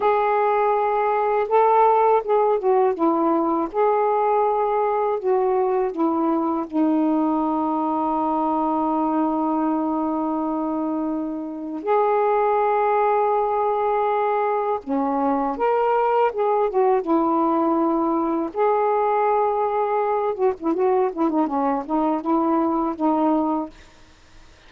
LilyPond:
\new Staff \with { instrumentName = "saxophone" } { \time 4/4 \tempo 4 = 81 gis'2 a'4 gis'8 fis'8 | e'4 gis'2 fis'4 | e'4 dis'2.~ | dis'1 |
gis'1 | cis'4 ais'4 gis'8 fis'8 e'4~ | e'4 gis'2~ gis'8 fis'16 e'16 | fis'8 e'16 dis'16 cis'8 dis'8 e'4 dis'4 | }